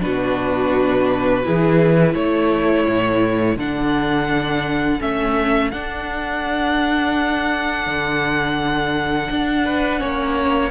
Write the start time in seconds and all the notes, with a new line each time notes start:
0.00 B2 D4 F#4 B4
1.43 E3 E4 G#4
2.14 A3 A4 C#5
2.87 A2
3.57 D3 D4 F#5
5.00 A3 C#4 E5
5.71 D4 F#5
7.86 D3
9.30 D4
9.65 B4
9.97 A#3 C#4 C#5